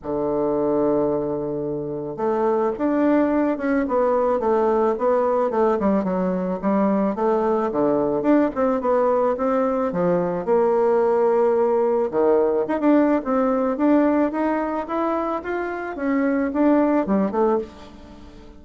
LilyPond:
\new Staff \with { instrumentName = "bassoon" } { \time 4/4 \tempo 4 = 109 d1 | a4 d'4. cis'8 b4 | a4 b4 a8 g8 fis4 | g4 a4 d4 d'8 c'8 |
b4 c'4 f4 ais4~ | ais2 dis4 dis'16 d'8. | c'4 d'4 dis'4 e'4 | f'4 cis'4 d'4 g8 a8 | }